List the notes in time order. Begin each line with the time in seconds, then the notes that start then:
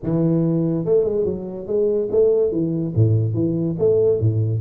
0.03 E3
0.85 A3
1.04 G#3
1.24 F#3
1.66 G#3
2.11 A3
2.51 E3
2.95 A2
3.34 E3
3.78 A3
4.20 A2